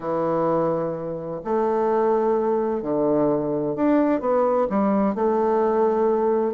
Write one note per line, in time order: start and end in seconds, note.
0.00 1.40 E3
1.44 2.82 A3
2.82 3.75 D3
3.75 4.20 D4
4.20 4.67 B3
4.69 5.15 G3
5.15 6.53 A3